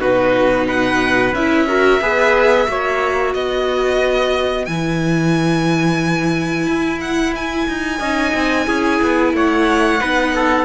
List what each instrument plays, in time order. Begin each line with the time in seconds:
0.00 cello B2, viola D#4, trumpet F#4, violin B4
0.67 trumpet B4, violin F#5
1.33 cello C#4, viola E4, violin E5
1.68 viola F#4, trumpet A#4
2.01 cello B3, viola G#4, trumpet B4
2.67 cello A#3, viola F#4, trumpet C#5
3.34 cello B3, trumpet B4, violin D#5
4.66 cello E3, viola E4, violin G#5
6.67 cello E4
7.01 violin F#5
7.36 violin G#5
7.68 cello D#4
7.99 cello C#4, viola D#4, trumpet D#5
8.34 cello C4
8.66 cello C#4, viola E4, trumpet G#4
9.02 cello B3
9.34 cello A3, trumpet C#5, violin F#5
10.00 cello B3, viola D#4, trumpet B4
10.35 trumpet A4